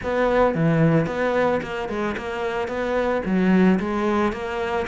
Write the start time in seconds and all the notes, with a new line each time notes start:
0.03 B3
0.54 E3
1.06 B3
1.62 A#3
1.88 G#3
2.17 A#3
2.68 B3
3.25 F#3
3.79 G#3
4.32 A#3